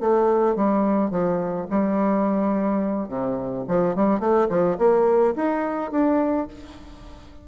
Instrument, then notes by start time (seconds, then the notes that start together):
bassoon
0.00 A3
0.55 G3
1.10 F3
1.70 G3
3.08 C3
3.68 F3
3.95 G3
4.20 A3
4.49 F3
4.78 A#3
5.36 D#4
5.91 D4